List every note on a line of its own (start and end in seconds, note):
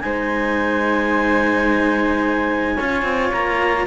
0.00 2.79 G#3
0.00 2.77 D#4
0.00 2.75 C5
0.00 3.30 G#5
2.75 3.02 C#4
2.75 3.86 F4
2.75 3.85 C#5
3.02 3.30 C4
3.31 3.86 A#3
3.31 3.86 A#5